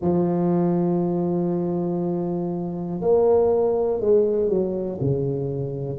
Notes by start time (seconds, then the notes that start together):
0.01 F3
3.00 A#3
4.00 G#3
4.49 F#3
5.00 C#3